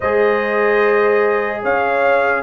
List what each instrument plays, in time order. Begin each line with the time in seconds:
0.00 tuba G#3, trombone G#4, horn C5, trumpet D#5
1.62 tuba C#4, horn C#5, trumpet F5